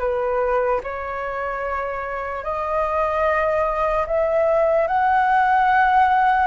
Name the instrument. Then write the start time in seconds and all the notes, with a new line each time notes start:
flute
0.00 B4
0.84 C#5
2.44 D#5
4.07 E5
4.88 F#5